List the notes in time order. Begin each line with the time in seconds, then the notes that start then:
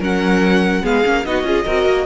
0.00 F#3 C#4 A#4 F#5
0.83 G#3 B3 G#4 F5
1.05 A#3 C#4
1.26 B3 D#4 F#4 D#5
1.43 C#4 F4 G#4
1.65 C4 F#4 A#4
1.86 A#3